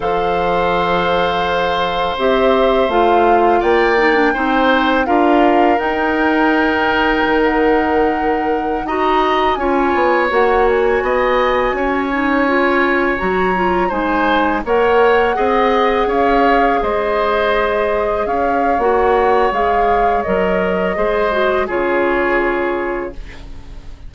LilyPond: <<
  \new Staff \with { instrumentName = "flute" } { \time 4/4 \tempo 4 = 83 f''2. e''4 | f''4 g''2 f''4 | g''2~ g''16 fis''4.~ fis''16~ | fis''16 ais''4 gis''4 fis''8 gis''4~ gis''16~ |
gis''2~ gis''16 ais''4 gis''8.~ | gis''16 fis''2 f''4 dis''8.~ | dis''4~ dis''16 f''8. fis''4 f''4 | dis''2 cis''2 | }
  \new Staff \with { instrumentName = "oboe" } { \time 4/4 c''1~ | c''4 d''4 c''4 ais'4~ | ais'1~ | ais'16 dis''4 cis''2 dis''8.~ |
dis''16 cis''2. c''8.~ | c''16 cis''4 dis''4 cis''4 c''8.~ | c''4~ c''16 cis''2~ cis''8.~ | cis''4 c''4 gis'2 | }
  \new Staff \with { instrumentName = "clarinet" } { \time 4/4 a'2. g'4 | f'4. dis'16 d'16 dis'4 f'4 | dis'1~ | dis'16 fis'4 f'4 fis'4.~ fis'16~ |
fis'8. dis'8 f'4 fis'8 f'8 dis'8.~ | dis'16 ais'4 gis'2~ gis'8.~ | gis'2 fis'4 gis'4 | ais'4 gis'8 fis'8 f'2 | }
  \new Staff \with { instrumentName = "bassoon" } { \time 4/4 f2. c'4 | a4 ais4 c'4 d'4 | dis'2 dis2~ | dis16 dis'4 cis'8 b8 ais4 b8.~ |
b16 cis'2 fis4 gis8.~ | gis16 ais4 c'4 cis'4 gis8.~ | gis4~ gis16 cis'8. ais4 gis4 | fis4 gis4 cis2 | }
>>